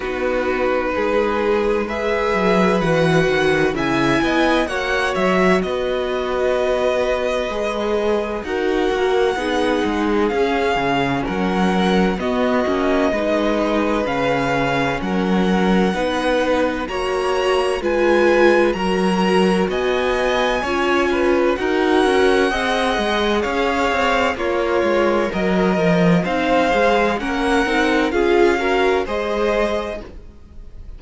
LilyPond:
<<
  \new Staff \with { instrumentName = "violin" } { \time 4/4 \tempo 4 = 64 b'2 e''4 fis''4 | gis''4 fis''8 e''8 dis''2~ | dis''4 fis''2 f''4 | fis''4 dis''2 f''4 |
fis''2 ais''4 gis''4 | ais''4 gis''2 fis''4~ | fis''4 f''4 cis''4 dis''4 | f''4 fis''4 f''4 dis''4 | }
  \new Staff \with { instrumentName = "violin" } { \time 4/4 fis'4 gis'4 b'2 | e''8 dis''8 cis''4 b'2~ | b'4 ais'4 gis'2 | ais'4 fis'4 b'2 |
ais'4 b'4 cis''4 b'4 | ais'4 dis''4 cis''8 b'8 ais'4 | dis''4 cis''4 f'4 ais'4 | c''4 ais'4 gis'8 ais'8 c''4 | }
  \new Staff \with { instrumentName = "viola" } { \time 4/4 dis'2 gis'4 fis'4 | e'4 fis'2. | gis'4 fis'4 dis'4 cis'4~ | cis'4 b8 cis'8 dis'4 cis'4~ |
cis'4 dis'4 fis'4 f'4 | fis'2 f'4 fis'4 | gis'2 ais'2 | dis'8 gis'8 cis'8 dis'8 f'8 fis'8 gis'4 | }
  \new Staff \with { instrumentName = "cello" } { \time 4/4 b4 gis4. fis8 e8 dis8 | cis8 b8 ais8 fis8 b2 | gis4 dis'8 ais8 b8 gis8 cis'8 cis8 | fis4 b8 ais8 gis4 cis4 |
fis4 b4 ais4 gis4 | fis4 b4 cis'4 dis'8 cis'8 | c'8 gis8 cis'8 c'8 ais8 gis8 fis8 f8 | c'8 gis8 ais8 c'8 cis'4 gis4 | }
>>